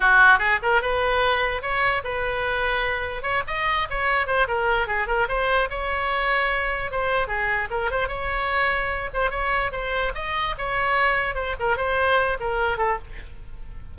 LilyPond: \new Staff \with { instrumentName = "oboe" } { \time 4/4 \tempo 4 = 148 fis'4 gis'8 ais'8 b'2 | cis''4 b'2. | cis''8 dis''4 cis''4 c''8 ais'4 | gis'8 ais'8 c''4 cis''2~ |
cis''4 c''4 gis'4 ais'8 c''8 | cis''2~ cis''8 c''8 cis''4 | c''4 dis''4 cis''2 | c''8 ais'8 c''4. ais'4 a'8 | }